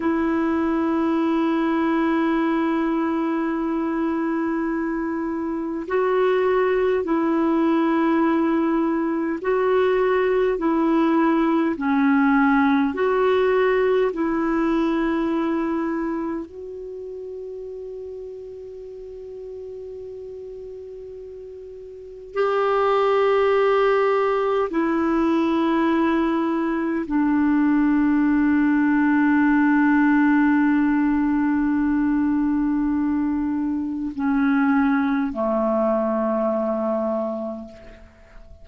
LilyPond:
\new Staff \with { instrumentName = "clarinet" } { \time 4/4 \tempo 4 = 51 e'1~ | e'4 fis'4 e'2 | fis'4 e'4 cis'4 fis'4 | e'2 fis'2~ |
fis'2. g'4~ | g'4 e'2 d'4~ | d'1~ | d'4 cis'4 a2 | }